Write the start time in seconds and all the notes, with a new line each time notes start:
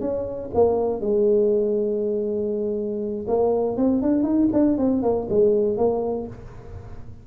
0.00 C#4
0.54 A#3
1.01 G#3
3.27 A#3
3.77 C4
4.02 D4
4.23 D#4
4.52 D4
4.77 C4
5.02 A#3
5.30 G#3
5.77 A#3